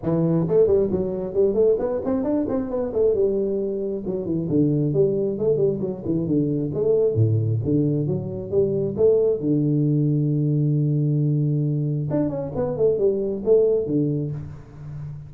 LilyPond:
\new Staff \with { instrumentName = "tuba" } { \time 4/4 \tempo 4 = 134 e4 a8 g8 fis4 g8 a8 | b8 c'8 d'8 c'8 b8 a8 g4~ | g4 fis8 e8 d4 g4 | a8 g8 fis8 e8 d4 a4 |
a,4 d4 fis4 g4 | a4 d2.~ | d2. d'8 cis'8 | b8 a8 g4 a4 d4 | }